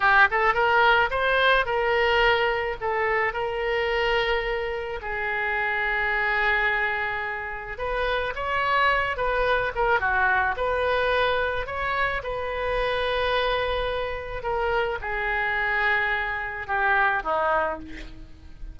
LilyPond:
\new Staff \with { instrumentName = "oboe" } { \time 4/4 \tempo 4 = 108 g'8 a'8 ais'4 c''4 ais'4~ | ais'4 a'4 ais'2~ | ais'4 gis'2.~ | gis'2 b'4 cis''4~ |
cis''8 b'4 ais'8 fis'4 b'4~ | b'4 cis''4 b'2~ | b'2 ais'4 gis'4~ | gis'2 g'4 dis'4 | }